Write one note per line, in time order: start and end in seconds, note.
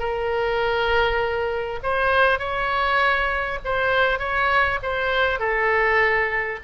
0.00 1.80 A#4
1.84 2.40 C5
2.40 3.60 C#5
3.65 4.19 C5
4.19 4.79 C#5
4.83 5.40 C5
5.40 6.60 A4